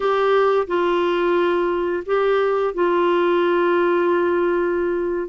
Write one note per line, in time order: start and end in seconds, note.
0.00 0.67 G4
0.67 2.03 F4
2.06 2.73 G4
2.73 5.28 F4